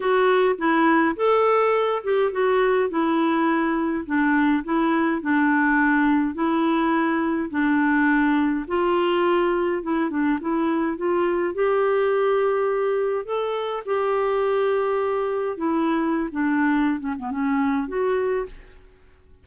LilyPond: \new Staff \with { instrumentName = "clarinet" } { \time 4/4 \tempo 4 = 104 fis'4 e'4 a'4. g'8 | fis'4 e'2 d'4 | e'4 d'2 e'4~ | e'4 d'2 f'4~ |
f'4 e'8 d'8 e'4 f'4 | g'2. a'4 | g'2. e'4~ | e'16 d'4~ d'16 cis'16 b16 cis'4 fis'4 | }